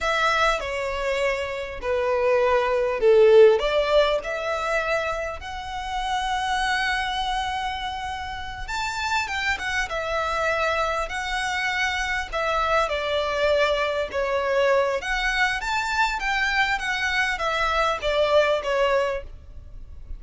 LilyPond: \new Staff \with { instrumentName = "violin" } { \time 4/4 \tempo 4 = 100 e''4 cis''2 b'4~ | b'4 a'4 d''4 e''4~ | e''4 fis''2.~ | fis''2~ fis''8 a''4 g''8 |
fis''8 e''2 fis''4.~ | fis''8 e''4 d''2 cis''8~ | cis''4 fis''4 a''4 g''4 | fis''4 e''4 d''4 cis''4 | }